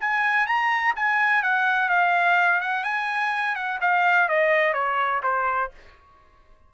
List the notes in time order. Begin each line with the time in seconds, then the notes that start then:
0.00 G#5
0.46 A#5
0.95 G#5
1.42 F#5
1.89 F5
2.60 F#5
2.84 G#5
3.55 F#5
3.81 F5
4.28 D#5
4.73 C#5
5.23 C5